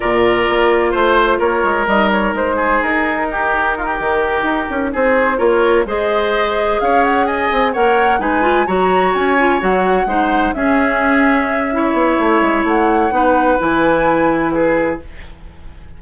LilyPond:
<<
  \new Staff \with { instrumentName = "flute" } { \time 4/4 \tempo 4 = 128 d''2 c''4 cis''4 | dis''8 cis''8 c''4 ais'2~ | ais'2~ ais'8 c''4 cis''8~ | cis''8 dis''2 f''8 fis''8 gis''8~ |
gis''8 fis''4 gis''4 ais''4 gis''8~ | gis''8 fis''2 e''4.~ | e''2. fis''4~ | fis''4 gis''2 b'4 | }
  \new Staff \with { instrumentName = "oboe" } { \time 4/4 ais'2 c''4 ais'4~ | ais'4. gis'4. g'4 | f'16 g'2~ g'16 gis'4 ais'8~ | ais'8 c''2 cis''4 dis''8~ |
dis''8 cis''4 b'4 cis''4.~ | cis''4. c''4 gis'4.~ | gis'4 cis''2. | b'2. gis'4 | }
  \new Staff \with { instrumentName = "clarinet" } { \time 4/4 f'1 | dis'1~ | dis'2.~ dis'8 f'8~ | f'8 gis'2.~ gis'8~ |
gis'8 ais'4 dis'8 f'8 fis'4. | f'8 fis'4 dis'4 cis'4.~ | cis'4 e'2. | dis'4 e'2. | }
  \new Staff \with { instrumentName = "bassoon" } { \time 4/4 ais,4 ais4 a4 ais8 gis8 | g4 gis4 dis'2~ | dis'8 dis4 dis'8 cis'8 c'4 ais8~ | ais8 gis2 cis'4. |
c'8 ais4 gis4 fis4 cis'8~ | cis'8 fis4 gis4 cis'4.~ | cis'4. b8 a8 gis8 a4 | b4 e2. | }
>>